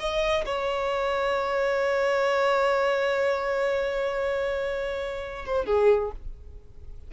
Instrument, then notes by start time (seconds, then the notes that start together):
violin
0.00 D#5
0.46 C#5
5.46 C5
5.66 G#4